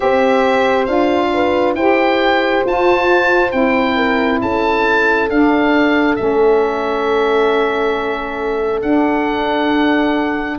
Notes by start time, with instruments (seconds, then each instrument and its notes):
0.00 tuba C4, saxophone G4, horn C5, oboe E5
0.85 tuba D4, saxophone F4, oboe F5
1.33 horn B4
1.74 tuba E4, saxophone G4, horn C5, oboe G5
2.65 tuba F4, saxophone F4, oboe A5
3.51 tuba C4, saxophone E4, oboe G5
3.96 horn A#4
4.41 tuba C#4, horn A4, oboe A5
5.29 tuba D4, saxophone D4, oboe F5
6.15 tuba A3, saxophone C#4, oboe E5
8.81 tuba D4, saxophone D4, oboe F#5